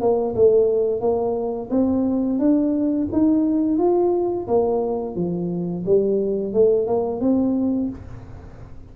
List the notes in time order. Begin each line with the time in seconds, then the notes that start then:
0.00 A#3
0.35 A3
1.00 A#3
1.70 C4
2.39 D4
3.12 D#4
3.78 F4
4.47 A#3
5.15 F3
5.86 G3
6.53 A3
6.87 A#3
7.20 C4